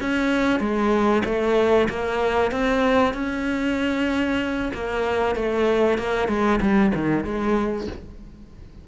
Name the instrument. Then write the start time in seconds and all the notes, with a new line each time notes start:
cello
0.00 C#4
0.59 G#3
1.25 A3
1.89 A#3
2.51 C4
3.14 C#4
4.74 A#3
5.35 A3
5.98 A#3
6.28 G#3
6.61 G3
6.94 D#3
7.24 G#3